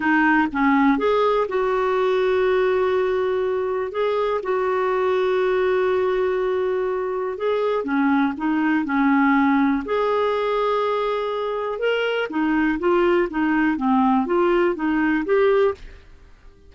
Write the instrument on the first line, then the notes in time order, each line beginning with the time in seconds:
clarinet
0.00 D#4
0.52 C#4
0.98 G#4
1.48 F#4
3.91 G#4
4.42 F#4
7.37 G#4
7.84 C#4
8.37 D#4
8.85 C#4
9.85 G#4
11.78 A#4
12.29 D#4
12.79 F4
13.30 D#4
13.76 C4
14.26 F4
14.75 D#4
15.25 G4